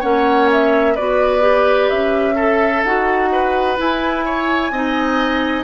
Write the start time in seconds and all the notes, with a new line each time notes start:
0.00 A#3 C#4 C#5 F#5
0.52 E5
0.95 B3 F#4 B4 D5
1.41 G4
1.90 C#4 E5
2.35 A4
2.84 D#4 F#4 F#5
3.32 B4
3.77 E4 G#5
4.25 C#5
4.71 C4 D#4 D#5